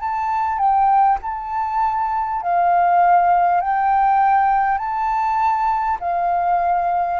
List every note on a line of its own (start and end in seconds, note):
0.00 0.58 A5
0.58 1.18 G5
1.22 2.42 A5
2.42 3.60 F5
3.60 4.78 G5
4.78 5.98 A5
6.00 7.19 F5